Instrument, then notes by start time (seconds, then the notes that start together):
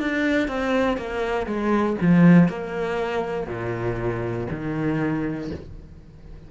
cello
0.00 D4
0.48 C4
0.97 A#3
1.46 G#3
2.01 F3
2.48 A#3
3.47 A#2
4.50 D#3